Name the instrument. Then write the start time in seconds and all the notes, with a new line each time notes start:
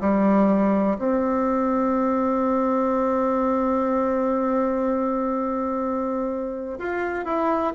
bassoon
0.00 G3
0.98 C4
6.79 F4
7.24 E4